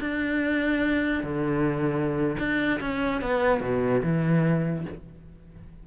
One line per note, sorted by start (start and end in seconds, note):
0.00 1.23 D4
1.23 2.37 D3
2.38 2.79 D4
2.80 3.21 C#4
3.21 3.60 B3
3.60 4.02 B2
4.03 4.85 E3